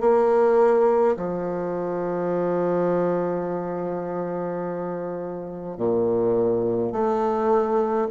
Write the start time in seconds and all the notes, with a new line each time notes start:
0.00 A#3
1.16 F3
5.77 A#2
6.92 A3